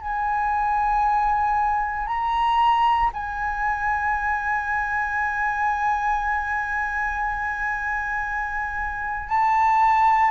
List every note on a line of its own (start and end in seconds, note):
0.00 2.07 G#5
2.07 3.10 A#5
3.14 9.29 G#5
9.29 10.31 A5